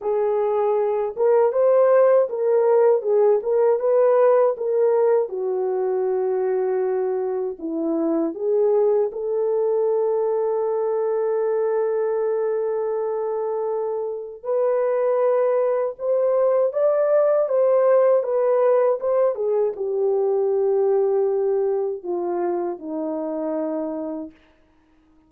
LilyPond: \new Staff \with { instrumentName = "horn" } { \time 4/4 \tempo 4 = 79 gis'4. ais'8 c''4 ais'4 | gis'8 ais'8 b'4 ais'4 fis'4~ | fis'2 e'4 gis'4 | a'1~ |
a'2. b'4~ | b'4 c''4 d''4 c''4 | b'4 c''8 gis'8 g'2~ | g'4 f'4 dis'2 | }